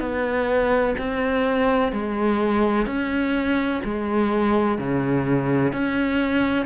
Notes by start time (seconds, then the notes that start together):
0.00 B3
0.99 C4
1.93 G#3
2.87 C#4
3.85 G#3
4.79 C#3
5.73 C#4